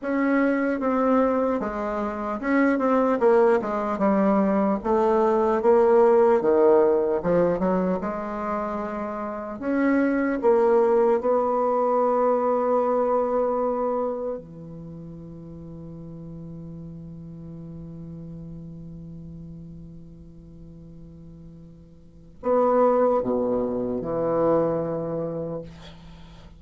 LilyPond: \new Staff \with { instrumentName = "bassoon" } { \time 4/4 \tempo 4 = 75 cis'4 c'4 gis4 cis'8 c'8 | ais8 gis8 g4 a4 ais4 | dis4 f8 fis8 gis2 | cis'4 ais4 b2~ |
b2 e2~ | e1~ | e1 | b4 b,4 e2 | }